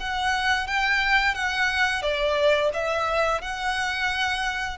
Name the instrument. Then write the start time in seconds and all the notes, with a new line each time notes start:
violin
0.00 F#5
0.67 G5
1.35 F#5
2.02 D5
2.74 E5
3.42 F#5